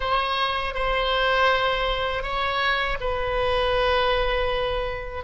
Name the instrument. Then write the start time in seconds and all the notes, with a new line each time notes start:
oboe
0.00 C#5
0.74 C5
2.22 C#5
3.00 B4